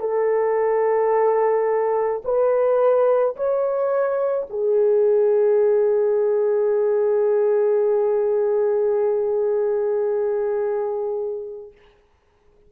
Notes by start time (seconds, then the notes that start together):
0.00 A4
2.24 B4
3.36 C#5
4.49 G#4